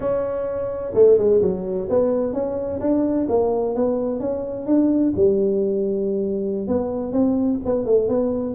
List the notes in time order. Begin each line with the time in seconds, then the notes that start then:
0.00 C#4
0.94 A3
1.17 G#3
1.41 F#3
1.89 B3
2.33 C#4
2.80 D4
3.28 A#3
3.75 B3
4.20 C#4
4.66 D4
5.15 G3
6.67 B3
7.12 C4
7.65 B3
7.85 A3
8.08 B3